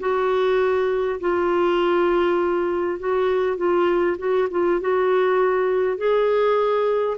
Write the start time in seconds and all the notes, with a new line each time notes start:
0.00 F#4
1.21 F4
3.00 F#4
3.57 F4
4.19 F#4
4.51 F4
4.81 F#4
5.98 G#4